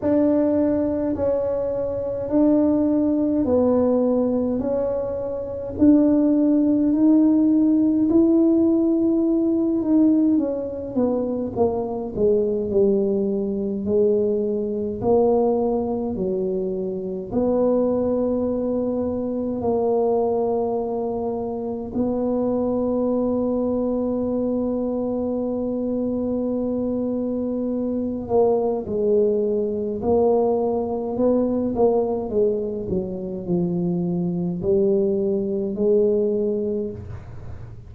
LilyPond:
\new Staff \with { instrumentName = "tuba" } { \time 4/4 \tempo 4 = 52 d'4 cis'4 d'4 b4 | cis'4 d'4 dis'4 e'4~ | e'8 dis'8 cis'8 b8 ais8 gis8 g4 | gis4 ais4 fis4 b4~ |
b4 ais2 b4~ | b1~ | b8 ais8 gis4 ais4 b8 ais8 | gis8 fis8 f4 g4 gis4 | }